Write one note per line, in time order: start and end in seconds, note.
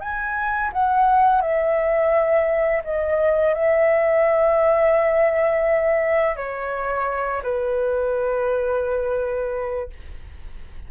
0.00 0.71 G#5
0.73 1.41 F#5
1.41 2.83 E5
2.84 3.54 D#5
3.54 6.36 E5
6.36 7.42 C#5
7.43 9.90 B4